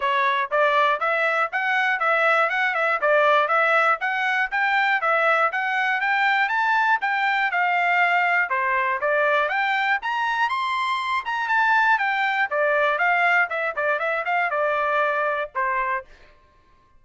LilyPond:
\new Staff \with { instrumentName = "trumpet" } { \time 4/4 \tempo 4 = 120 cis''4 d''4 e''4 fis''4 | e''4 fis''8 e''8 d''4 e''4 | fis''4 g''4 e''4 fis''4 | g''4 a''4 g''4 f''4~ |
f''4 c''4 d''4 g''4 | ais''4 c'''4. ais''8 a''4 | g''4 d''4 f''4 e''8 d''8 | e''8 f''8 d''2 c''4 | }